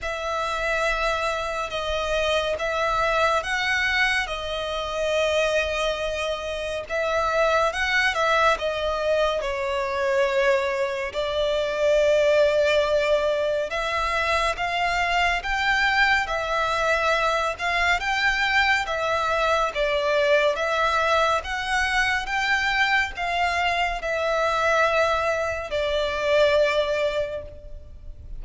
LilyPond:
\new Staff \with { instrumentName = "violin" } { \time 4/4 \tempo 4 = 70 e''2 dis''4 e''4 | fis''4 dis''2. | e''4 fis''8 e''8 dis''4 cis''4~ | cis''4 d''2. |
e''4 f''4 g''4 e''4~ | e''8 f''8 g''4 e''4 d''4 | e''4 fis''4 g''4 f''4 | e''2 d''2 | }